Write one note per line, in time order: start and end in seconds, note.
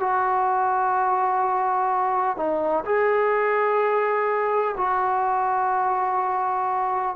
0.00 2.37 F#4
2.37 2.84 D#4
2.85 4.76 G#4
4.77 7.16 F#4